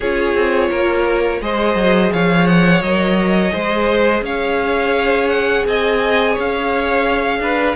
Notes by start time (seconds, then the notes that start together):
0.00 C#4 F4 G#4 C#5
0.34 C4
0.70 A#3 A#4
1.41 G#3 G#4 C5 D#5
1.75 F#3
2.12 F3 C#5 F5
2.47 F#5
2.81 F#3 A#4 D#5
3.50 G#3 G#4 C5
4.21 C#4 C#5 F5
5.29 F#5
5.65 C4 D#5 G#5
6.33 C#4 C#5
6.39 F5
7.39 D4 B4